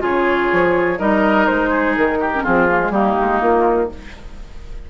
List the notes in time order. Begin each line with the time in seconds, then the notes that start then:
0.00 C#3 F4 G#4 C#5
0.52 F3
0.98 G3 D#4 A#4 D#5
1.46 G#3 C5
1.69 G#4
1.96 D#3 A#4
2.20 G4
2.34 C#4
2.43 F3 C4 F4 G#4
2.68 A#3
2.80 G#3
2.90 G3 A#3 D#4 G4
3.20 G#3
3.41 A#3 F4